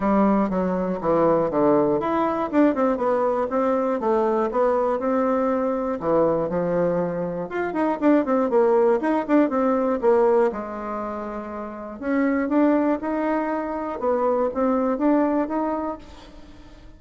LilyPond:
\new Staff \with { instrumentName = "bassoon" } { \time 4/4 \tempo 4 = 120 g4 fis4 e4 d4 | e'4 d'8 c'8 b4 c'4 | a4 b4 c'2 | e4 f2 f'8 dis'8 |
d'8 c'8 ais4 dis'8 d'8 c'4 | ais4 gis2. | cis'4 d'4 dis'2 | b4 c'4 d'4 dis'4 | }